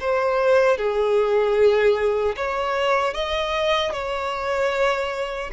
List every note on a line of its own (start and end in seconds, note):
0.00 0.77 C5
0.77 2.35 G#4
2.36 3.13 C#5
3.13 3.92 D#5
3.93 5.50 C#5